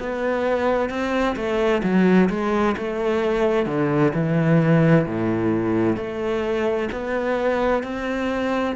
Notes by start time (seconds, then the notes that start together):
0.00 B3
0.90 C4
1.36 A3
1.83 F#3
2.30 G#3
2.78 A3
3.67 D3
4.14 E3
5.07 A2
5.97 A3
6.92 B3
7.84 C4